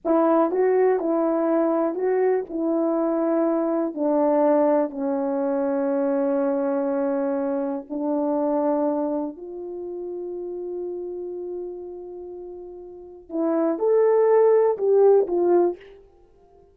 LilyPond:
\new Staff \with { instrumentName = "horn" } { \time 4/4 \tempo 4 = 122 e'4 fis'4 e'2 | fis'4 e'2. | d'2 cis'2~ | cis'1 |
d'2. f'4~ | f'1~ | f'2. e'4 | a'2 g'4 f'4 | }